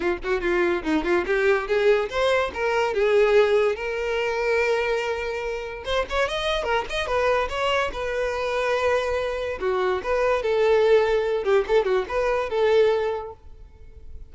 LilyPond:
\new Staff \with { instrumentName = "violin" } { \time 4/4 \tempo 4 = 144 f'8 fis'8 f'4 dis'8 f'8 g'4 | gis'4 c''4 ais'4 gis'4~ | gis'4 ais'2.~ | ais'2 c''8 cis''8 dis''4 |
ais'8 dis''8 b'4 cis''4 b'4~ | b'2. fis'4 | b'4 a'2~ a'8 g'8 | a'8 fis'8 b'4 a'2 | }